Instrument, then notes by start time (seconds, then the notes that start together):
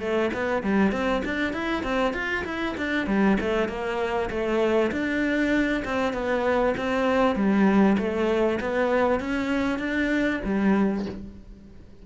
cello
0.00 A3
0.34 B3
0.63 G3
0.92 C4
1.25 D4
1.53 E4
1.83 C4
2.14 F4
2.45 E4
2.77 D4
3.07 G3
3.40 A3
3.68 A#3
4.30 A3
4.92 D4
5.85 C4
6.13 B3
6.77 C4
7.36 G3
7.98 A3
8.60 B3
9.20 C#4
9.79 D4
10.44 G3